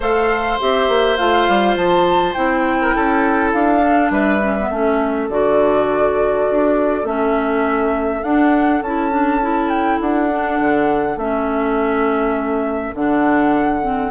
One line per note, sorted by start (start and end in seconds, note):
0.00 0.57 A3
0.00 0.59 A4
0.00 2.75 C5
0.00 0.60 F5
0.59 0.88 C4
0.59 1.17 G4
0.59 1.16 E5
0.88 1.18 A#3
1.16 1.48 A3
1.16 2.35 F4
1.16 1.75 F5
1.48 1.76 G3
1.76 2.34 F3
1.76 2.33 A5
2.33 2.95 C4
2.33 3.81 E4
2.33 3.51 G5
2.81 2.95 A#4
2.95 3.53 C#4
2.95 4.12 A4
3.52 4.10 D4
3.52 4.11 F5
3.81 4.40 D4
4.10 4.69 G3
4.10 4.70 B4
4.10 5.29 E5
4.42 4.57 C#4
4.59 4.72 B3
4.70 5.28 A3
4.70 5.30 C#4
4.70 14.11 A4
5.29 6.47 D3
5.29 7.05 F#4
5.29 7.06 D5
6.50 7.03 D4
7.03 8.21 A3
7.03 8.22 C#4
7.03 8.23 E5
8.23 8.81 D4
8.23 8.83 D4
8.23 8.82 F#5
8.81 9.99 C#4
8.81 9.11 E4
8.81 9.69 A5
9.11 9.40 D4
9.41 10.29 E4
9.69 9.98 G5
10.00 10.59 D4
10.00 11.18 F#5
10.29 11.18 D4
10.59 11.16 D3
11.16 12.92 A3
11.16 12.95 C#4
11.16 12.94 E5
12.94 14.11 D3
12.94 13.82 D4
12.94 14.11 F#5
13.82 14.11 C4